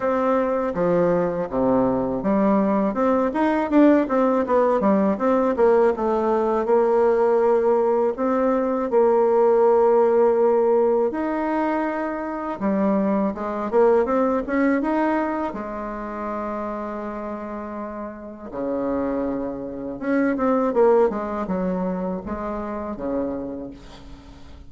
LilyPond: \new Staff \with { instrumentName = "bassoon" } { \time 4/4 \tempo 4 = 81 c'4 f4 c4 g4 | c'8 dis'8 d'8 c'8 b8 g8 c'8 ais8 | a4 ais2 c'4 | ais2. dis'4~ |
dis'4 g4 gis8 ais8 c'8 cis'8 | dis'4 gis2.~ | gis4 cis2 cis'8 c'8 | ais8 gis8 fis4 gis4 cis4 | }